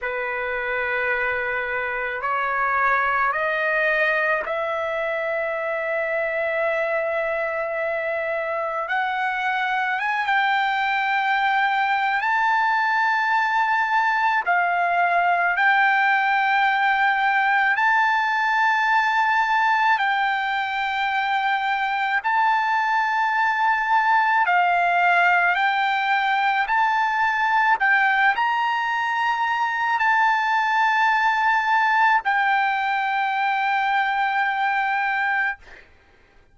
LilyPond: \new Staff \with { instrumentName = "trumpet" } { \time 4/4 \tempo 4 = 54 b'2 cis''4 dis''4 | e''1 | fis''4 gis''16 g''4.~ g''16 a''4~ | a''4 f''4 g''2 |
a''2 g''2 | a''2 f''4 g''4 | a''4 g''8 ais''4. a''4~ | a''4 g''2. | }